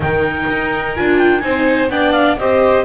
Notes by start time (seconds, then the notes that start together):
0.00 D#3 D#4 A#4 G5
0.50 D#4
0.95 D4 F4 G#5
1.18 G5
1.39 C4 D#4 C5 G#5
1.90 B3 D4 D5 G5
2.11 F5
2.37 C4 G4 C5 D#5